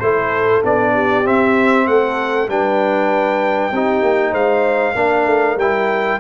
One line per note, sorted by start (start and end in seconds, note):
0.00 0.62 A3
0.00 0.63 E4
0.00 0.93 A4
0.00 0.62 C5
0.63 1.25 B3
0.63 1.24 D4
0.63 1.27 D5
0.93 1.85 G4
1.24 2.48 C4
1.24 1.87 C4
1.24 1.87 E5
1.87 2.48 A3
1.87 2.49 A4
1.87 2.49 F#5
2.48 3.72 G3
2.48 3.72 D4
2.48 3.73 B4
2.48 4.34 G5
3.72 4.02 C4
3.72 4.95 D#4
3.72 4.31 G4
4.02 4.33 A#3
4.31 4.95 G#3
4.31 4.93 C5
4.31 5.58 F5
4.95 5.26 A#3
4.95 5.57 D4
4.95 6.20 A#4
5.26 5.56 A3
5.56 6.18 G3
5.56 6.20 E4
5.56 6.20 G5